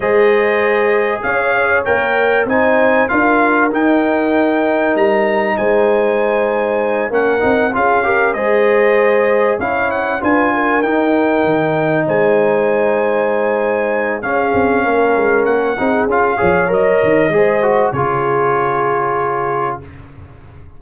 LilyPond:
<<
  \new Staff \with { instrumentName = "trumpet" } { \time 4/4 \tempo 4 = 97 dis''2 f''4 g''4 | gis''4 f''4 g''2 | ais''4 gis''2~ gis''8 fis''8~ | fis''8 f''4 dis''2 f''8 |
fis''8 gis''4 g''2 gis''8~ | gis''2. f''4~ | f''4 fis''4 f''4 dis''4~ | dis''4 cis''2. | }
  \new Staff \with { instrumentName = "horn" } { \time 4/4 c''2 cis''2 | c''4 ais'2.~ | ais'4 c''2~ c''8 ais'8~ | ais'8 gis'8 ais'8 c''2 cis''8~ |
cis''8 b'8 ais'2~ ais'8 c''8~ | c''2. gis'4 | ais'4. gis'4 cis''4. | c''4 gis'2. | }
  \new Staff \with { instrumentName = "trombone" } { \time 4/4 gis'2. ais'4 | dis'4 f'4 dis'2~ | dis'2.~ dis'8 cis'8 | dis'8 f'8 g'8 gis'2 e'8~ |
e'8 f'4 dis'2~ dis'8~ | dis'2. cis'4~ | cis'4. dis'8 f'8 gis'8 ais'4 | gis'8 fis'8 f'2. | }
  \new Staff \with { instrumentName = "tuba" } { \time 4/4 gis2 cis'4 ais4 | c'4 d'4 dis'2 | g4 gis2~ gis8 ais8 | c'8 cis'4 gis2 cis'8~ |
cis'8 d'4 dis'4 dis4 gis8~ | gis2. cis'8 c'8 | ais8 gis8 ais8 c'8 cis'8 f8 fis8 dis8 | gis4 cis2. | }
>>